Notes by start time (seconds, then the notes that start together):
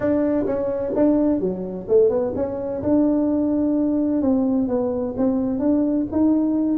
0.00 D4
0.46 C#4
0.95 D4
1.40 F#3
1.88 A3
2.09 B3
2.35 C#4
2.83 D4
4.21 C4
4.67 B3
5.17 C4
5.59 D4
6.11 D#4